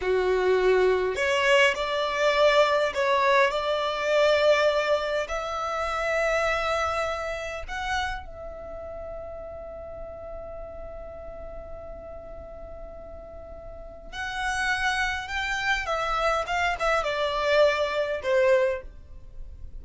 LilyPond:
\new Staff \with { instrumentName = "violin" } { \time 4/4 \tempo 4 = 102 fis'2 cis''4 d''4~ | d''4 cis''4 d''2~ | d''4 e''2.~ | e''4 fis''4 e''2~ |
e''1~ | e''1 | fis''2 g''4 e''4 | f''8 e''8 d''2 c''4 | }